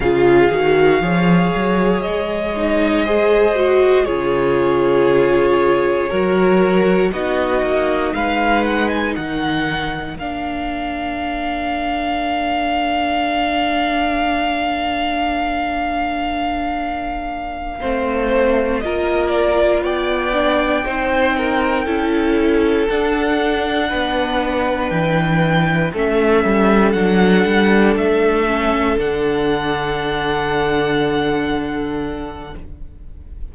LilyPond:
<<
  \new Staff \with { instrumentName = "violin" } { \time 4/4 \tempo 4 = 59 f''2 dis''2 | cis''2. dis''4 | f''8 fis''16 gis''16 fis''4 f''2~ | f''1~ |
f''2~ f''8 dis''8 d''8 g''8~ | g''2~ g''8 fis''4.~ | fis''8 g''4 e''4 fis''4 e''8~ | e''8 fis''2.~ fis''8 | }
  \new Staff \with { instrumentName = "violin" } { \time 4/4 gis'4 cis''2 c''4 | gis'2 ais'4 fis'4 | b'4 ais'2.~ | ais'1~ |
ais'4. c''4 ais'4 d''8~ | d''8 c''8 ais'8 a'2 b'8~ | b'4. a'2~ a'8~ | a'1 | }
  \new Staff \with { instrumentName = "viola" } { \time 4/4 f'8 fis'8 gis'4. dis'8 gis'8 fis'8 | f'2 fis'4 dis'4~ | dis'2 d'2~ | d'1~ |
d'4. c'4 f'4. | d'8 dis'4 e'4 d'4.~ | d'4. cis'4 d'4. | cis'8 d'2.~ d'8 | }
  \new Staff \with { instrumentName = "cello" } { \time 4/4 cis8 dis8 f8 fis8 gis2 | cis2 fis4 b8 ais8 | gis4 dis4 ais2~ | ais1~ |
ais4. a4 ais4 b8~ | b8 c'4 cis'4 d'4 b8~ | b8 e4 a8 g8 fis8 g8 a8~ | a8 d2.~ d8 | }
>>